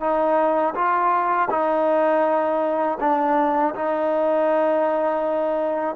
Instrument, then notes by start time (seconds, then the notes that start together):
trombone
0.00 D#4
0.74 F4
1.50 D#4
3.00 D4
3.75 D#4